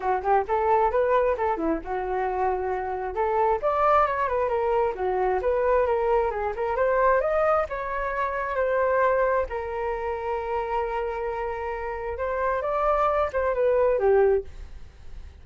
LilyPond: \new Staff \with { instrumentName = "flute" } { \time 4/4 \tempo 4 = 133 fis'8 g'8 a'4 b'4 a'8 e'8 | fis'2. a'4 | d''4 cis''8 b'8 ais'4 fis'4 | b'4 ais'4 gis'8 ais'8 c''4 |
dis''4 cis''2 c''4~ | c''4 ais'2.~ | ais'2. c''4 | d''4. c''8 b'4 g'4 | }